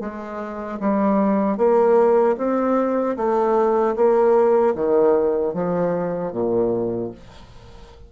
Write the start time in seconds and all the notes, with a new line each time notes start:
0.00 G#3
0.80 G3
1.57 A#3
2.37 C4
3.17 A3
3.96 A#3
4.75 D#3
5.54 F3
6.32 A#2